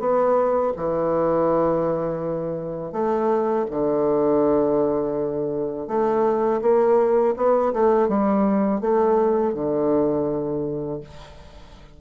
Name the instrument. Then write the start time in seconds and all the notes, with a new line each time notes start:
bassoon
0.00 B3
0.76 E3
2.93 A3
3.71 D3
5.88 A3
6.62 A#3
7.37 B3
7.73 A3
8.09 G3
8.81 A3
9.55 D3